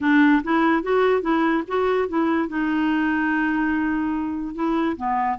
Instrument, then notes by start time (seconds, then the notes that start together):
clarinet
0.00 D4
0.43 E4
0.83 F#4
1.21 E4
1.67 F#4
2.08 E4
2.48 D#4
4.54 E4
4.97 B3